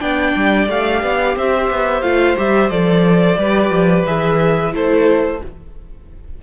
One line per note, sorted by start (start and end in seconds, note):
0.00 0.35 B3
0.00 0.67 D4
0.00 1.36 D5
0.00 0.68 G5
0.35 0.69 G3
0.69 1.03 A3
0.69 2.03 G4
0.69 1.38 F5
1.03 1.36 B3
1.36 1.70 C4
1.36 3.39 C5
1.36 2.02 E5
1.70 2.02 B3
2.02 2.36 A3
2.02 2.37 F4
2.02 2.36 F5
2.37 2.71 G3
2.37 2.70 G4
2.37 2.70 E5
2.70 3.37 F3
2.70 3.38 A4
2.70 4.05 D5
3.37 3.70 G3
3.37 4.07 G4
3.37 4.74 B4
3.70 4.04 F3
4.06 4.74 E3
4.06 4.72 G#4
4.06 4.74 E5
4.72 5.41 A3
4.72 5.40 E4
4.72 5.41 A4
4.72 5.43 C5